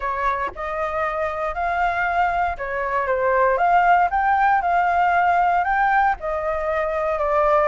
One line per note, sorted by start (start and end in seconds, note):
0.00 0.51 C#5
0.55 1.54 D#5
1.54 2.56 F5
2.57 3.07 C#5
3.07 3.57 C5
3.57 4.09 F5
4.10 4.61 G5
4.61 5.63 F5
5.63 6.15 G5
6.20 7.18 D#5
7.18 7.68 D5